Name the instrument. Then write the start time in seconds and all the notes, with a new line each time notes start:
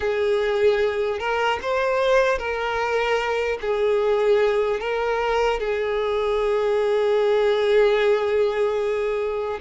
violin
0.00 G#4
1.19 A#4
1.62 C5
2.38 A#4
3.61 G#4
4.80 A#4
5.59 G#4